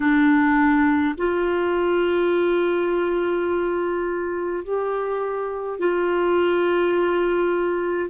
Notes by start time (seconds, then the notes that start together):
0.00 D4
1.17 F4
4.64 G4
5.79 F4